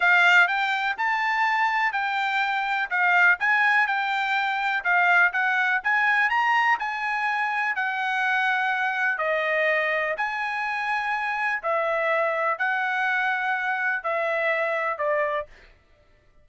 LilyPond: \new Staff \with { instrumentName = "trumpet" } { \time 4/4 \tempo 4 = 124 f''4 g''4 a''2 | g''2 f''4 gis''4 | g''2 f''4 fis''4 | gis''4 ais''4 gis''2 |
fis''2. dis''4~ | dis''4 gis''2. | e''2 fis''2~ | fis''4 e''2 d''4 | }